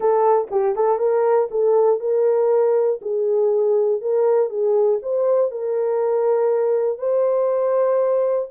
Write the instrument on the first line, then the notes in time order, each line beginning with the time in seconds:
horn
0.00 A4
0.50 G4
0.75 A4
0.98 A#4
1.50 A4
2.00 A#4
3.01 G#4
4.01 A#4
4.49 G#4
5.02 C5
5.51 A#4
6.98 C5